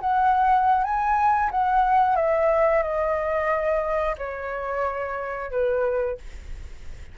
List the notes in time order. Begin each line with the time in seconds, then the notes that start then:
0.00 F#5
0.83 G#5
1.51 F#5
2.15 E5
2.82 D#5
4.18 C#5
5.51 B4